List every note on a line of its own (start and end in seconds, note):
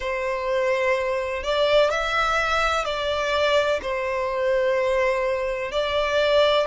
0.00 1.43 C5
1.43 1.90 D5
1.90 2.84 E5
2.84 3.80 D5
3.82 5.71 C5
5.71 6.66 D5